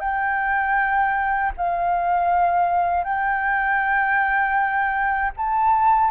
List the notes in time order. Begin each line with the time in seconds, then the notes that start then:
0.00 G5
1.57 F5
3.04 G5
5.37 A5